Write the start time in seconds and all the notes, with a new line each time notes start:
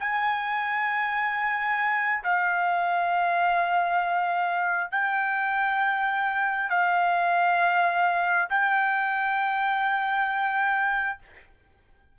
0.00 G#5
2.24 F5
4.92 G5
6.70 F5
8.50 G5